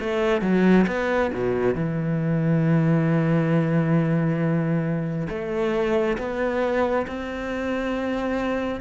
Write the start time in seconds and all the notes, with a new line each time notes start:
0.00 A3
0.42 F#3
0.87 B3
1.34 B2
1.75 E3
5.29 A3
6.18 B3
7.07 C4